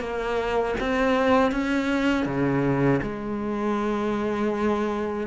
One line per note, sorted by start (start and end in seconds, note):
0.00 0.75 A#3
0.80 1.51 C4
1.51 2.26 C#4
2.26 3.00 C#3
3.02 5.27 G#3